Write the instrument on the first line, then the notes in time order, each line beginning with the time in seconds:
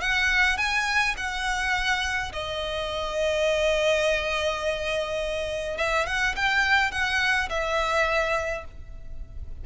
violin
0.00 F#5
0.57 G#5
1.17 F#5
2.32 D#5
5.77 E5
6.06 F#5
6.35 G5
6.91 F#5
7.49 E5